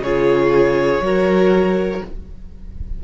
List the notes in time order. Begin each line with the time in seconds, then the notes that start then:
0.00 C#3 F4 G#4 C#5
1.01 F#3 F#4 A#4